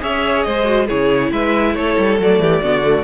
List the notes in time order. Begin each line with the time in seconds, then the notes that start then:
0.00 C#4 G#4 C#5 E5
0.43 G#3 C5 D#5
0.64 F#4
0.86 C#3 E4 G#4 C#5
1.31 G#3 B4 E5
1.74 A3 A4 C#5
1.98 G3
2.19 F#3 A3 D5
2.39 E3 G4
2.62 D3 B3 F#4
2.83 A3